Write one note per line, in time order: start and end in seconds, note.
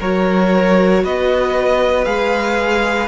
0.00 1.05 F#3
0.00 2.06 F#4
0.00 1.03 A#4
0.00 1.05 C#5
1.04 2.06 B3
1.04 3.08 B4
1.04 2.05 D#5
2.05 3.08 G#3
2.05 3.08 G#4
2.05 3.08 F5